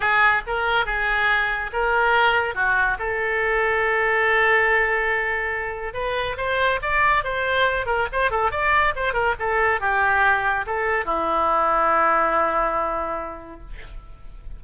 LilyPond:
\new Staff \with { instrumentName = "oboe" } { \time 4/4 \tempo 4 = 141 gis'4 ais'4 gis'2 | ais'2 fis'4 a'4~ | a'1~ | a'2 b'4 c''4 |
d''4 c''4. ais'8 c''8 a'8 | d''4 c''8 ais'8 a'4 g'4~ | g'4 a'4 e'2~ | e'1 | }